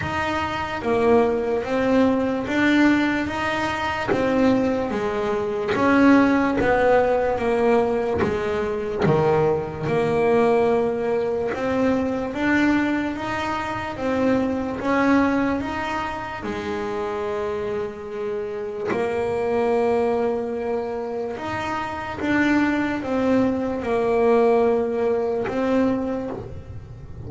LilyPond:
\new Staff \with { instrumentName = "double bass" } { \time 4/4 \tempo 4 = 73 dis'4 ais4 c'4 d'4 | dis'4 c'4 gis4 cis'4 | b4 ais4 gis4 dis4 | ais2 c'4 d'4 |
dis'4 c'4 cis'4 dis'4 | gis2. ais4~ | ais2 dis'4 d'4 | c'4 ais2 c'4 | }